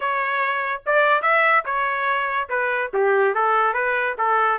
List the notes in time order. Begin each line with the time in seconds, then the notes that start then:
0.00 C#5
0.86 D5
1.22 E5
1.65 C#5
2.49 B4
2.93 G4
3.34 A4
3.73 B4
4.18 A4